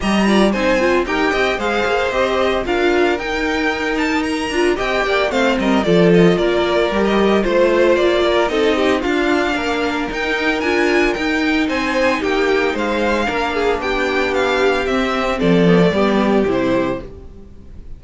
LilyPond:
<<
  \new Staff \with { instrumentName = "violin" } { \time 4/4 \tempo 4 = 113 ais''4 gis''4 g''4 f''4 | dis''4 f''4 g''4. a''8 | ais''4 g''4 f''8 dis''8 d''8 dis''8 | d''4~ d''16 dis''8. c''4 d''4 |
dis''4 f''2 g''4 | gis''4 g''4 gis''4 g''4 | f''2 g''4 f''4 | e''4 d''2 c''4 | }
  \new Staff \with { instrumentName = "violin" } { \time 4/4 dis''8 d''8 c''4 ais'8 dis''8 c''4~ | c''4 ais'2.~ | ais'4 dis''8 d''8 c''8 ais'8 a'4 | ais'2 c''4. ais'8 |
a'8 g'8 f'4 ais'2~ | ais'2 c''4 g'4 | c''4 ais'8 gis'8 g'2~ | g'4 a'4 g'2 | }
  \new Staff \with { instrumentName = "viola" } { \time 4/4 g'8 f'8 dis'8 f'8 g'4 gis'4 | g'4 f'4 dis'2~ | dis'8 f'8 g'4 c'4 f'4~ | f'4 g'4 f'2 |
dis'4 d'2 dis'4 | f'4 dis'2.~ | dis'4 d'2. | c'4. b16 a16 b4 e'4 | }
  \new Staff \with { instrumentName = "cello" } { \time 4/4 g4 c'4 dis'8 c'8 gis8 ais8 | c'4 d'4 dis'2~ | dis'8 d'8 c'8 ais8 a8 g8 f4 | ais4 g4 a4 ais4 |
c'4 d'4 ais4 dis'4 | d'4 dis'4 c'4 ais4 | gis4 ais4 b2 | c'4 f4 g4 c4 | }
>>